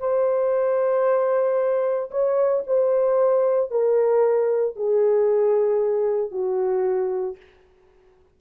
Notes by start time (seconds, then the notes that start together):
0.00 C5
2.11 C#5
2.67 C5
3.71 A#4
4.76 G#4
6.31 F#4